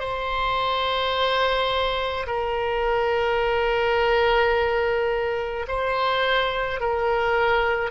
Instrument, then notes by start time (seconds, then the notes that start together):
oboe
0.00 C5
2.26 A#4
5.68 C5
6.80 A#4